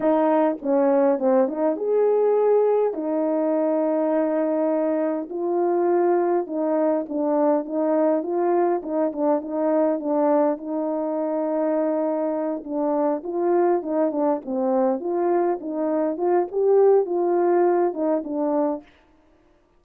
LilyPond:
\new Staff \with { instrumentName = "horn" } { \time 4/4 \tempo 4 = 102 dis'4 cis'4 c'8 dis'8 gis'4~ | gis'4 dis'2.~ | dis'4 f'2 dis'4 | d'4 dis'4 f'4 dis'8 d'8 |
dis'4 d'4 dis'2~ | dis'4. d'4 f'4 dis'8 | d'8 c'4 f'4 dis'4 f'8 | g'4 f'4. dis'8 d'4 | }